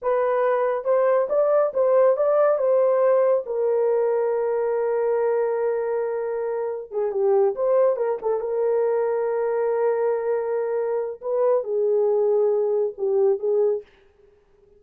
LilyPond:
\new Staff \with { instrumentName = "horn" } { \time 4/4 \tempo 4 = 139 b'2 c''4 d''4 | c''4 d''4 c''2 | ais'1~ | ais'1 |
gis'8 g'4 c''4 ais'8 a'8 ais'8~ | ais'1~ | ais'2 b'4 gis'4~ | gis'2 g'4 gis'4 | }